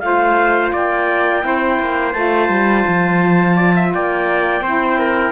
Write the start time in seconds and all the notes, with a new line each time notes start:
0.00 A3 F4 C5 F5
0.73 A#3 D5 G5
1.41 C4 E4
1.47 C5
1.80 A#3
2.13 A3 F4 A5
2.49 G3
2.88 F3
3.56 D5
3.76 E5
3.94 A#3 D5 G5
4.61 C4 E4 C5
4.99 A#4